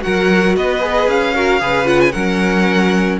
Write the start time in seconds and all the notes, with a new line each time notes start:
0.00 F#4 A#4 F#5
0.06 F#3
0.55 B3 B4 D#5
0.80 G#4
1.07 C#4 F5
1.34 F#4 A#4
1.60 C#3 G#4 B4
1.85 F4 F#5
2.00 G#5
2.12 F#3 C#4 A#4 F#5